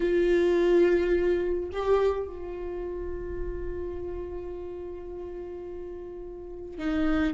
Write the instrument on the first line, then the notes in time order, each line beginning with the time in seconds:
viola
0.00 F4
1.72 G4
2.27 F4
6.78 D#4